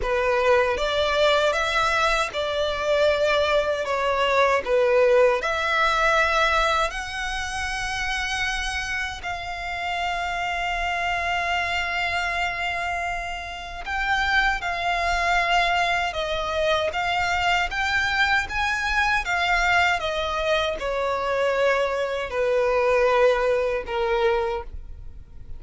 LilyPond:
\new Staff \with { instrumentName = "violin" } { \time 4/4 \tempo 4 = 78 b'4 d''4 e''4 d''4~ | d''4 cis''4 b'4 e''4~ | e''4 fis''2. | f''1~ |
f''2 g''4 f''4~ | f''4 dis''4 f''4 g''4 | gis''4 f''4 dis''4 cis''4~ | cis''4 b'2 ais'4 | }